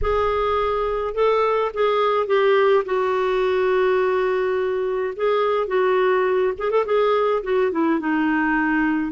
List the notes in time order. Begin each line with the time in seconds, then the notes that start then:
0.01 G#4
1.14 A4
1.74 G#4
2.26 G4
2.85 F#4
5.16 G#4
5.67 F#4
6.58 G#4
6.70 A4
6.85 G#4
7.43 F#4
7.71 E4
7.99 D#4